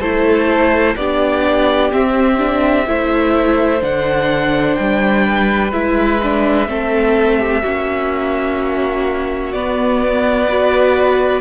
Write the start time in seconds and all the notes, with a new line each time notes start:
0.00 A3 E4 A4 C5
0.96 B3 D4 G4 D5
1.92 C4 E5
2.38 D4
2.87 A3 E4 C5
3.81 D3 D4 F#5
4.76 G3 G5
5.26 B4
5.73 G#3 E4 E5
6.23 D4
6.68 A3 C4 A4
7.39 G4
7.63 A#3 C#4 F#4
9.53 B3 D5
10.46 F#4 B4